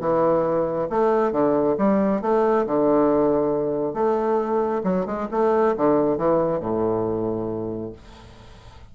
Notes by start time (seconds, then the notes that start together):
0.00 E3
0.89 A3
1.32 D3
1.78 G3
2.22 A3
2.66 D3
3.94 A3
4.83 F#3
5.06 G#3
5.31 A3
5.76 D3
6.17 E3
6.60 A2